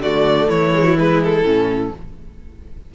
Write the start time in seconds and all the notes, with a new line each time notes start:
0.00 D3 A3 F#4 D5
0.48 E3 E4 C#5
0.74 G#3
0.83 F#3
0.97 G#3 B4
1.23 A4
1.42 A2 C#4